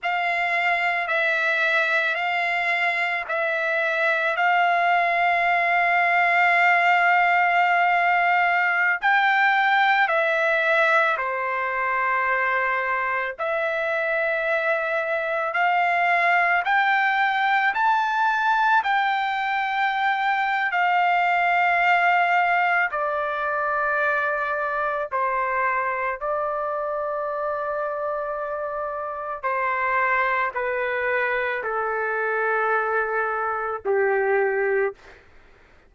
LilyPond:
\new Staff \with { instrumentName = "trumpet" } { \time 4/4 \tempo 4 = 55 f''4 e''4 f''4 e''4 | f''1~ | f''16 g''4 e''4 c''4.~ c''16~ | c''16 e''2 f''4 g''8.~ |
g''16 a''4 g''4.~ g''16 f''4~ | f''4 d''2 c''4 | d''2. c''4 | b'4 a'2 g'4 | }